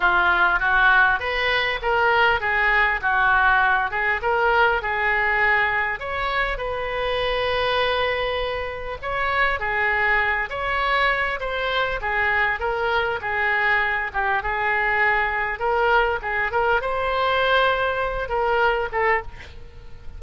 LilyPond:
\new Staff \with { instrumentName = "oboe" } { \time 4/4 \tempo 4 = 100 f'4 fis'4 b'4 ais'4 | gis'4 fis'4. gis'8 ais'4 | gis'2 cis''4 b'4~ | b'2. cis''4 |
gis'4. cis''4. c''4 | gis'4 ais'4 gis'4. g'8 | gis'2 ais'4 gis'8 ais'8 | c''2~ c''8 ais'4 a'8 | }